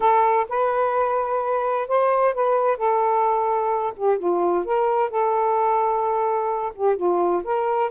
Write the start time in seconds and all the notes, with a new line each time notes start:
0.00 A4
0.48 B4
1.88 C5
2.34 B4
2.77 A4
3.96 G4
4.18 F4
4.64 A#4
5.10 A4
6.74 G4
6.96 F4
7.44 A#4